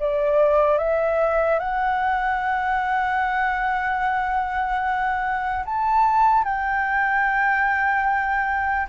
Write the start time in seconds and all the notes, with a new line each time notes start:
0.00 D5
0.79 E5
1.60 F#5
5.66 A5
6.44 G5